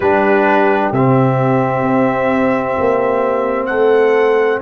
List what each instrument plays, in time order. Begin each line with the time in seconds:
0.00 tuba G3, trombone D4, horn G4, trumpet B4
0.92 tuba C3, trombone C4, trumpet E5
1.82 tuba C4
2.78 tuba A#3
3.66 tuba A3, horn A4, trumpet F#5